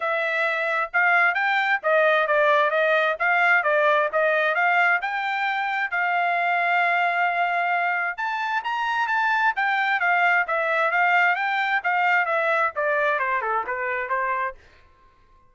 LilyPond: \new Staff \with { instrumentName = "trumpet" } { \time 4/4 \tempo 4 = 132 e''2 f''4 g''4 | dis''4 d''4 dis''4 f''4 | d''4 dis''4 f''4 g''4~ | g''4 f''2.~ |
f''2 a''4 ais''4 | a''4 g''4 f''4 e''4 | f''4 g''4 f''4 e''4 | d''4 c''8 a'8 b'4 c''4 | }